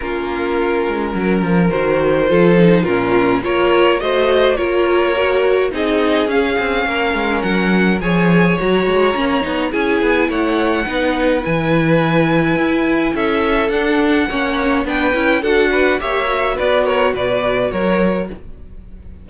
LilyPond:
<<
  \new Staff \with { instrumentName = "violin" } { \time 4/4 \tempo 4 = 105 ais'2. c''4~ | c''4 ais'4 cis''4 dis''4 | cis''2 dis''4 f''4~ | f''4 fis''4 gis''4 ais''4~ |
ais''4 gis''4 fis''2 | gis''2. e''4 | fis''2 g''4 fis''4 | e''4 d''8 cis''8 d''4 cis''4 | }
  \new Staff \with { instrumentName = "violin" } { \time 4/4 f'2 ais'2 | a'4 f'4 ais'4 c''4 | ais'2 gis'2 | ais'2 cis''2~ |
cis''4 gis'4 cis''4 b'4~ | b'2. a'4~ | a'4 cis''4 b'4 a'8 b'8 | cis''4 b'8 ais'8 b'4 ais'4 | }
  \new Staff \with { instrumentName = "viola" } { \time 4/4 cis'2. fis'4 | f'8 dis'8 cis'4 f'4 fis'4 | f'4 fis'4 dis'4 cis'4~ | cis'2 gis'4 fis'4 |
cis'8 dis'8 e'2 dis'4 | e'1 | d'4 cis'4 d'8 e'8 fis'4 | g'8 fis'2.~ fis'8 | }
  \new Staff \with { instrumentName = "cello" } { \time 4/4 ais4. gis8 fis8 f8 dis4 | f4 ais,4 ais4 a4 | ais2 c'4 cis'8 c'8 | ais8 gis8 fis4 f4 fis8 gis8 |
ais8 b8 cis'8 b8 a4 b4 | e2 e'4 cis'4 | d'4 ais4 b8 cis'8 d'4 | ais4 b4 b,4 fis4 | }
>>